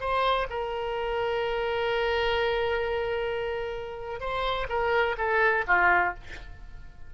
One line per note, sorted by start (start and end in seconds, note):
0.00 0.47 C5
0.49 4.20 A#4
4.20 4.67 C5
4.69 5.16 A#4
5.18 5.64 A4
5.67 6.14 F4